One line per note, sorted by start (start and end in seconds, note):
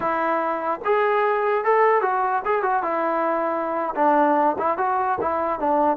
0.00 0.80 E4
0.84 1.64 G#4
1.64 2.01 A4
2.01 2.42 F#4
2.45 2.62 G#4
2.62 2.82 F#4
2.82 3.94 E4
3.95 4.56 D4
4.58 4.77 E4
4.77 5.18 F#4
5.20 5.59 E4
5.59 5.96 D4